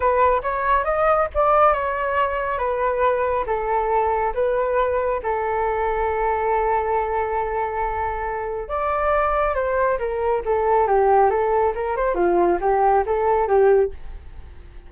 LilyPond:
\new Staff \with { instrumentName = "flute" } { \time 4/4 \tempo 4 = 138 b'4 cis''4 dis''4 d''4 | cis''2 b'2 | a'2 b'2 | a'1~ |
a'1 | d''2 c''4 ais'4 | a'4 g'4 a'4 ais'8 c''8 | f'4 g'4 a'4 g'4 | }